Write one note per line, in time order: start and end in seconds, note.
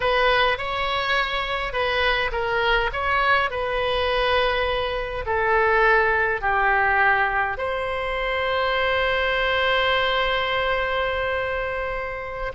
0.00 0.57 B4
0.57 1.72 C#5
1.72 2.31 B4
2.31 2.90 A#4
2.93 3.50 C#5
3.50 5.25 B4
5.26 6.41 A4
6.41 7.57 G4
7.57 12.52 C5